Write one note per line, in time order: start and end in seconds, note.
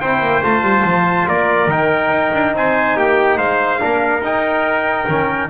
0.00 0.20 C4
0.00 0.43 E4
0.00 1.27 C5
0.00 0.42 G5
0.20 0.41 A#3
0.43 0.61 A3
0.43 1.69 F4
0.43 1.28 A5
0.61 0.82 G3
0.84 1.26 F3
1.27 1.66 A#3
1.27 2.54 A#4
1.27 1.70 D5
1.66 2.09 D#3
1.66 3.78 D#4
1.66 2.54 G5
2.09 2.30 D#4
2.33 2.54 D4
2.54 2.96 C4
2.54 2.96 C5
2.54 2.98 G#5
2.96 3.37 A#3
2.96 3.37 G4
2.96 3.38 G5
3.37 3.80 G#3
3.37 3.79 C5
3.37 4.22 F5
3.78 4.21 A#3
3.78 4.21 D4
3.78 5.49 A#4
4.21 5.06 D#4
4.21 5.08 D#4
4.21 5.49 G5
5.08 5.49 D#3
5.08 5.49 C#4